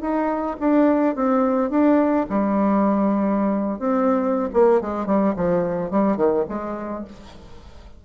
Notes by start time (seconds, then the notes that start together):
0.00 D#4
0.60 D4
1.15 C4
1.70 D4
2.29 G3
3.79 C4
4.53 A#3
4.81 G#3
5.06 G3
5.36 F3
5.90 G3
6.16 D#3
6.48 G#3